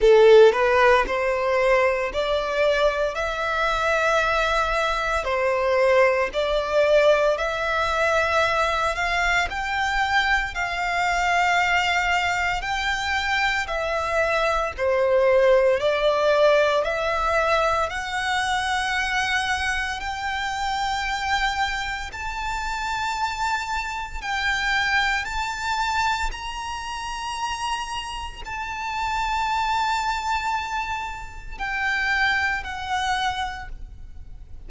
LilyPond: \new Staff \with { instrumentName = "violin" } { \time 4/4 \tempo 4 = 57 a'8 b'8 c''4 d''4 e''4~ | e''4 c''4 d''4 e''4~ | e''8 f''8 g''4 f''2 | g''4 e''4 c''4 d''4 |
e''4 fis''2 g''4~ | g''4 a''2 g''4 | a''4 ais''2 a''4~ | a''2 g''4 fis''4 | }